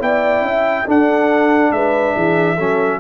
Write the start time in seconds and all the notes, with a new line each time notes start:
0.00 B3 E4 D5 G5
0.41 C#4 E5
0.86 D4 A4 F#5
1.72 G#3 B4 E5
2.15 E3 G#4
2.55 F#3 C#4 A4